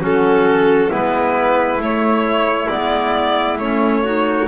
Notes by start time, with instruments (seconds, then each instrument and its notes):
0.00 double bass F#3, clarinet C#4, trumpet F#4, violin A4
0.89 double bass G#3, clarinet B3, trumpet E4, violin B4
1.78 double bass A3, clarinet A3, violin C#5
2.68 double bass G#3, clarinet B3, violin D5
3.58 double bass A3, clarinet C#4, violin C#5
4.04 clarinet D#4, trumpet F#4